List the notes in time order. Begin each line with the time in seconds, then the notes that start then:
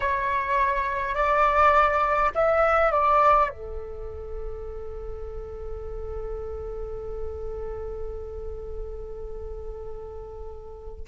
0.00 C#5
1.14 D5
2.34 E5
2.91 D5
3.49 A4